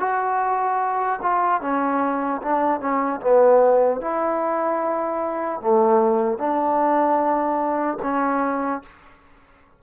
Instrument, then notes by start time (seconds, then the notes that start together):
trombone
0.00 F#4
1.22 F4
1.61 C#4
2.42 D4
2.81 C#4
3.21 B3
4.01 E4
5.61 A3
6.39 D4
8.03 C#4